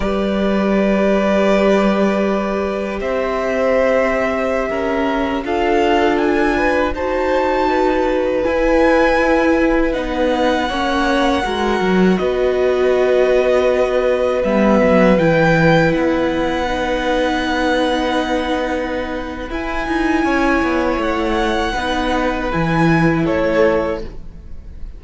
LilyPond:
<<
  \new Staff \with { instrumentName = "violin" } { \time 4/4 \tempo 4 = 80 d''1 | e''2.~ e''16 f''8.~ | f''16 gis''4 a''2 gis''8.~ | gis''4~ gis''16 fis''2~ fis''8.~ |
fis''16 dis''2. e''8.~ | e''16 g''4 fis''2~ fis''8.~ | fis''2 gis''2 | fis''2 gis''4 cis''4 | }
  \new Staff \with { instrumentName = "violin" } { \time 4/4 b'1 | c''2~ c''16 ais'4 a'8.~ | a'8. b'8 c''4 b'4.~ b'16~ | b'2~ b'16 cis''4 ais'8.~ |
ais'16 b'2.~ b'8.~ | b'1~ | b'2. cis''4~ | cis''4 b'2 a'4 | }
  \new Staff \with { instrumentName = "viola" } { \time 4/4 g'1~ | g'2.~ g'16 f'8.~ | f'4~ f'16 fis'2 e'8.~ | e'4~ e'16 dis'4 cis'4 fis'8.~ |
fis'2.~ fis'16 b8.~ | b16 e'2 dis'4.~ dis'16~ | dis'2 e'2~ | e'4 dis'4 e'2 | }
  \new Staff \with { instrumentName = "cello" } { \time 4/4 g1 | c'2~ c'16 cis'4 d'8.~ | d'4~ d'16 dis'2 e'8.~ | e'4~ e'16 b4 ais4 gis8 fis16~ |
fis16 b2. g8 fis16~ | fis16 e4 b2~ b8.~ | b2 e'8 dis'8 cis'8 b8 | a4 b4 e4 a4 | }
>>